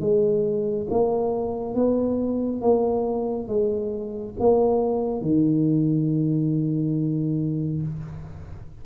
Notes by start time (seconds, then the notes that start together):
0.00 G#3
0.90 A#3
1.74 B3
2.61 A#3
3.47 G#3
4.39 A#3
5.21 D#3